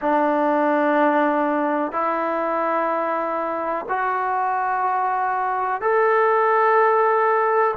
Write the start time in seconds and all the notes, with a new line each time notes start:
0.00 D4
1.91 E4
3.88 F#4
5.81 A4